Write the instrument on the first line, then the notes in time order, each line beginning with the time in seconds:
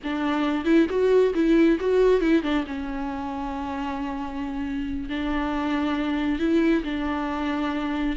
viola
0.03 D4
0.64 E4
0.89 F#4
1.34 E4
1.80 F#4
2.21 E4
2.43 D4
2.66 C#4
5.09 D4
6.39 E4
6.84 D4